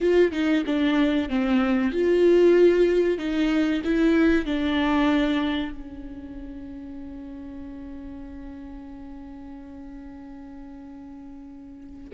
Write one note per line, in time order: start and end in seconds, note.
0.00 0.32 F4
0.32 0.64 D#4
0.66 1.29 D4
1.29 1.91 C4
1.91 3.18 F4
3.18 3.82 D#4
3.84 4.45 E4
4.45 5.71 D4
5.71 12.10 C#4